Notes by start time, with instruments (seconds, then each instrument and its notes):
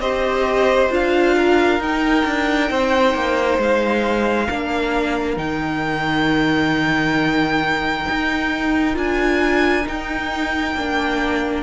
0.00 cello C4, viola G4, violin C5 D#5
0.90 cello D4, viola F4, violin F5
1.36 violin A#4
1.80 cello D#4, viola D#4, violin G5
2.26 cello D4
2.70 cello C4, violin C5
3.14 cello A#3
3.58 cello G#3, violin F5
4.48 cello A#3, viola D4, violin A#4
5.37 cello D#3, viola D#4, violin G5
8.10 cello D#4
8.93 cello D4, viola F4, violin G#5
9.85 viola D#4, cello D#4, violin G5
10.75 cello A#3, viola D4